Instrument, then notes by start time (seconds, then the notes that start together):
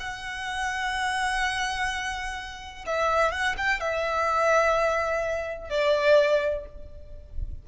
violin
0.00 F#5
2.86 E5
3.32 F#5
3.58 G5
3.81 E5
5.70 D5